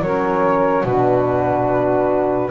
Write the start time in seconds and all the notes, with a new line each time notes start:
0.00 F#3 C#4 A#4 C#5
0.84 B2 D4 F#4 B4